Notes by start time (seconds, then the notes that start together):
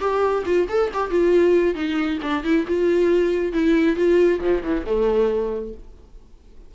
0.00 G4
0.46 F4
0.69 A4
0.94 G4
1.10 F4
1.75 D#4
2.22 D4
2.44 E4
2.67 F4
3.53 E4
3.96 F4
4.40 F3
4.63 E3
4.86 A3